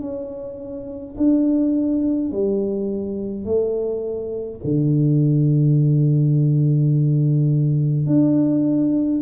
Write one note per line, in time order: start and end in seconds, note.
0.00 1.15 C#4
1.17 2.31 D4
2.31 3.45 G3
3.45 4.60 A3
4.64 8.06 D3
8.06 9.22 D4